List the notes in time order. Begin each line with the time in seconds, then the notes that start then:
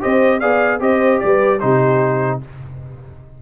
0.00 C4 G4 C5 D#5
0.40 B3 G#4 D5 F5
0.80 C4 G4 C5 D#5
1.20 G3 B4 D5
1.60 C3 D#4 G4 C5